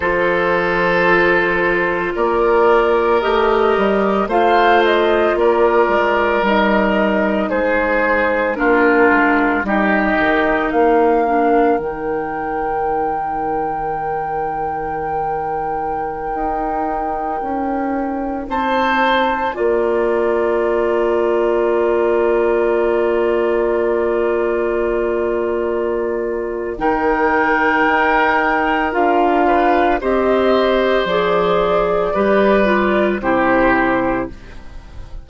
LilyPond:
<<
  \new Staff \with { instrumentName = "flute" } { \time 4/4 \tempo 4 = 56 c''2 d''4 dis''4 | f''8 dis''8 d''4 dis''4 c''4 | ais'4 dis''4 f''4 g''4~ | g''1~ |
g''4~ g''16 a''4 ais''4.~ ais''16~ | ais''1~ | ais''4 g''2 f''4 | dis''4 d''2 c''4 | }
  \new Staff \with { instrumentName = "oboe" } { \time 4/4 a'2 ais'2 | c''4 ais'2 gis'4 | f'4 g'4 ais'2~ | ais'1~ |
ais'4~ ais'16 c''4 d''4.~ d''16~ | d''1~ | d''4 ais'2~ ais'8 b'8 | c''2 b'4 g'4 | }
  \new Staff \with { instrumentName = "clarinet" } { \time 4/4 f'2. g'4 | f'2 dis'2 | d'4 dis'4. d'8 dis'4~ | dis'1~ |
dis'2~ dis'16 f'4.~ f'16~ | f'1~ | f'4 dis'2 f'4 | g'4 gis'4 g'8 f'8 e'4 | }
  \new Staff \with { instrumentName = "bassoon" } { \time 4/4 f2 ais4 a8 g8 | a4 ais8 gis8 g4 gis4 | ais8 gis8 g8 dis8 ais4 dis4~ | dis2.~ dis16 dis'8.~ |
dis'16 cis'4 c'4 ais4.~ ais16~ | ais1~ | ais4 dis4 dis'4 d'4 | c'4 f4 g4 c4 | }
>>